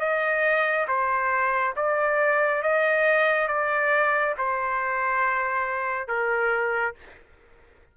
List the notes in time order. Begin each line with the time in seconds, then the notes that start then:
0.00 D#5
0.88 C5
1.76 D5
2.63 D#5
3.48 D5
4.38 C5
6.08 A#4